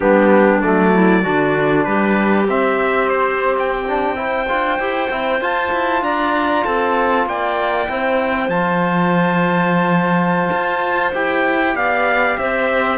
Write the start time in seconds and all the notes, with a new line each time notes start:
0.00 G3 B3 D4 G4
0.61 F#3 A3 D5
0.93 E4
1.21 D3 D4 F#4
1.84 G3 G4 B4
2.48 C4 E5
3.09 C5
3.58 G5
3.88 D4
4.15 E4 C5
4.48 D4 F4
4.78 E4 G4
5.10 C4 E4
5.41 F4 A5
5.72 E4
6.01 D4 D5 A#5
6.64 C4 A4 A5
7.26 A#3 D5 G5
7.88 C4 E4 C5
8.48 F3 F4 A5
10.51 F4
11.14 E4 G4 G5
11.75 B3 D5 F5
12.38 C4 C5 E5